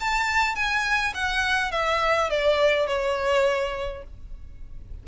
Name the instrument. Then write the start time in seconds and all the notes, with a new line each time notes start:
violin
0.00 A5
0.55 G#5
1.14 F#5
1.71 E5
2.30 D5
2.86 C#5